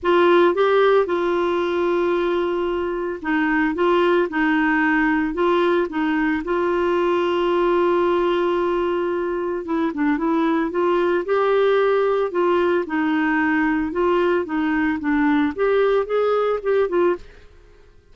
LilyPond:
\new Staff \with { instrumentName = "clarinet" } { \time 4/4 \tempo 4 = 112 f'4 g'4 f'2~ | f'2 dis'4 f'4 | dis'2 f'4 dis'4 | f'1~ |
f'2 e'8 d'8 e'4 | f'4 g'2 f'4 | dis'2 f'4 dis'4 | d'4 g'4 gis'4 g'8 f'8 | }